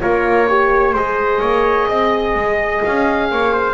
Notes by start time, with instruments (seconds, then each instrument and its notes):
0.00 double bass A#3, horn F4, trumpet A#4, oboe C#5
0.47 horn G4, trumpet C#5
0.93 double bass G#3, horn G#4, trumpet C5, oboe D#5
1.40 double bass A#3, trumpet C#5
1.88 double bass C4, trumpet D#5
2.35 double bass G#3
2.83 double bass C#4, oboe F5
3.30 double bass A#3, trumpet C#5
3.53 trumpet C5